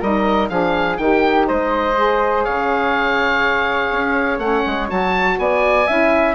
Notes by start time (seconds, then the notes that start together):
0.00 G3 D#4 A#4 D#5
0.49 F3 D4 G#4 F5
0.96 D#3 D#4 G5
1.03 G4
1.48 G#3 C5 D#5
1.97 G#4
2.44 C#3 C#5 F5
3.91 C#4
4.38 A3 C#4 F#5
4.66 G#3
4.87 F#3 F#4 A5
5.38 B3 D5 G#5
5.87 C#4 E4 E5